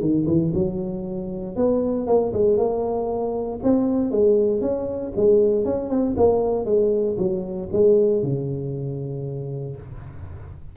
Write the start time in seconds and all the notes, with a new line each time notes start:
0.00 D#3
0.27 E3
0.54 F#3
1.56 B3
2.07 A#3
2.33 G#3
2.57 A#3
3.63 C4
4.11 G#3
4.61 C#4
5.16 G#3
5.65 C#4
5.89 C4
6.17 A#3
6.65 G#3
7.18 F#3
7.72 G#3
8.23 C#3